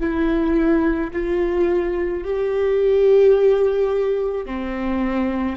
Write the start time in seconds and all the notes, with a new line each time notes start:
0.00 E4
1.13 F4
2.25 G4
4.46 C4